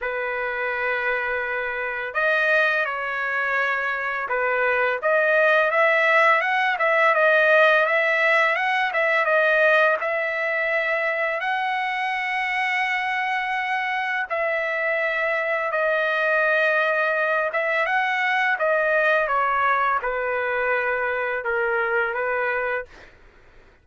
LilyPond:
\new Staff \with { instrumentName = "trumpet" } { \time 4/4 \tempo 4 = 84 b'2. dis''4 | cis''2 b'4 dis''4 | e''4 fis''8 e''8 dis''4 e''4 | fis''8 e''8 dis''4 e''2 |
fis''1 | e''2 dis''2~ | dis''8 e''8 fis''4 dis''4 cis''4 | b'2 ais'4 b'4 | }